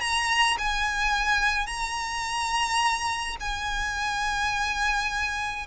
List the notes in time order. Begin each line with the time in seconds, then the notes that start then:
0.00 A#5
0.58 G#5
1.66 A#5
3.40 G#5